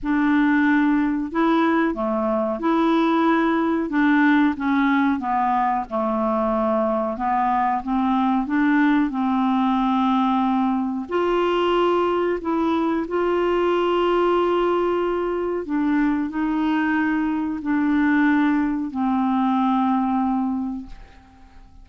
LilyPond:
\new Staff \with { instrumentName = "clarinet" } { \time 4/4 \tempo 4 = 92 d'2 e'4 a4 | e'2 d'4 cis'4 | b4 a2 b4 | c'4 d'4 c'2~ |
c'4 f'2 e'4 | f'1 | d'4 dis'2 d'4~ | d'4 c'2. | }